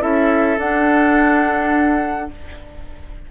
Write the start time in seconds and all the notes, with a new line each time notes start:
0.00 C#4 E4 A4 E5
0.58 D4 F#5